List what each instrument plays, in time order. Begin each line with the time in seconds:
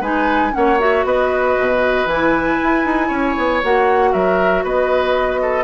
0.00 bassoon G#3, clarinet D#4, oboe B4, flute G#5
0.51 bassoon A#3, clarinet C#4, oboe C#5, flute F#5
0.79 clarinet F#4, flute E5
1.04 bassoon B3, oboe B4, flute D#5
1.59 bassoon B2
2.05 bassoon E3, clarinet E4, flute G#5
2.63 bassoon E4
2.85 bassoon D#4
3.07 bassoon C#4, oboe C#5
3.37 bassoon B3
3.62 bassoon A#3, clarinet F#4, flute F#5
4.12 bassoon F#3, oboe A#4, flute E5
4.63 bassoon B3, oboe B4, flute D#5
5.41 oboe A4